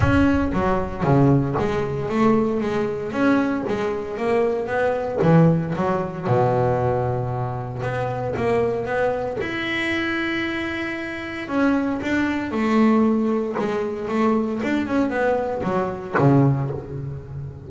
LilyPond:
\new Staff \with { instrumentName = "double bass" } { \time 4/4 \tempo 4 = 115 cis'4 fis4 cis4 gis4 | a4 gis4 cis'4 gis4 | ais4 b4 e4 fis4 | b,2. b4 |
ais4 b4 e'2~ | e'2 cis'4 d'4 | a2 gis4 a4 | d'8 cis'8 b4 fis4 cis4 | }